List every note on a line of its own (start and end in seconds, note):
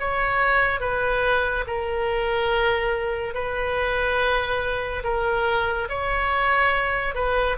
0.00 0.81 C#5
0.81 1.65 B4
1.67 3.35 A#4
3.35 5.04 B4
5.04 5.89 A#4
5.89 7.15 C#5
7.15 7.57 B4